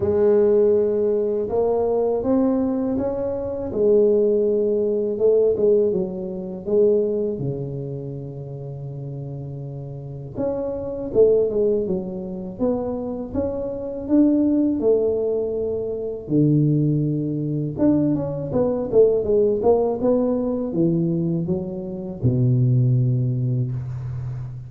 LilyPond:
\new Staff \with { instrumentName = "tuba" } { \time 4/4 \tempo 4 = 81 gis2 ais4 c'4 | cis'4 gis2 a8 gis8 | fis4 gis4 cis2~ | cis2 cis'4 a8 gis8 |
fis4 b4 cis'4 d'4 | a2 d2 | d'8 cis'8 b8 a8 gis8 ais8 b4 | e4 fis4 b,2 | }